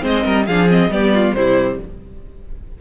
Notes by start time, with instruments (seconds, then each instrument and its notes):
0.00 cello G#3, viola C4, violin C5 D#5
0.23 cello G3, violin A#4
0.46 cello F3, viola D4, violin G#4 F5
0.68 viola C4, violin D#5
0.88 cello G3, viola B3, violin G4 D5
1.13 violin F4
1.34 cello C3, viola G3, violin E4 C5